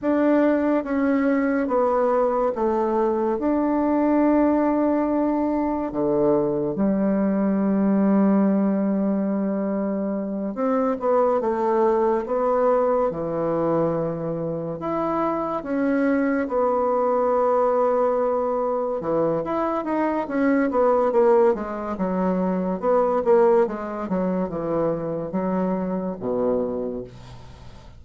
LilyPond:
\new Staff \with { instrumentName = "bassoon" } { \time 4/4 \tempo 4 = 71 d'4 cis'4 b4 a4 | d'2. d4 | g1~ | g8 c'8 b8 a4 b4 e8~ |
e4. e'4 cis'4 b8~ | b2~ b8 e8 e'8 dis'8 | cis'8 b8 ais8 gis8 fis4 b8 ais8 | gis8 fis8 e4 fis4 b,4 | }